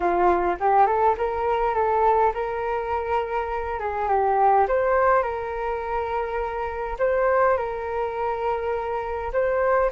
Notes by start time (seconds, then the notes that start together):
0.00 F4
0.60 G4
0.86 A4
1.17 A#4
1.74 A4
2.34 A#4
3.79 G#4
4.08 G4
4.68 C5
5.22 A#4
6.98 C5
7.57 A#4
9.32 C5